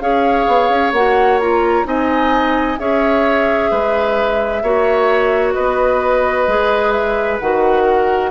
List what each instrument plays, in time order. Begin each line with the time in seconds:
0.00 bassoon C#4, clarinet G#4, oboe C#5, flute F5
0.47 bassoon B3
0.69 bassoon C#4
0.92 bassoon A#3, clarinet F#4, flute F#5
1.40 clarinet F4, flute A#5
1.84 bassoon C4, clarinet D#4, oboe D#5, flute G#5
2.78 bassoon C#4, clarinet G#4, oboe C#5, flute E5
3.70 bassoon G#3, oboe B4
4.62 bassoon A#3, clarinet F#4, oboe C#5
5.53 bassoon B3, oboe B4, flute D#5
6.47 bassoon G#3, clarinet G#4
6.91 flute E5
7.39 bassoon D#3, clarinet F#4, flute F#5
7.83 oboe A#4